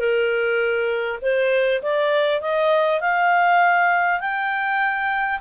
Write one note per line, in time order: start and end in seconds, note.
0.00 1.20 A#4
1.22 1.82 C5
1.83 2.42 D5
2.42 3.01 D#5
3.01 4.21 F5
4.21 5.41 G5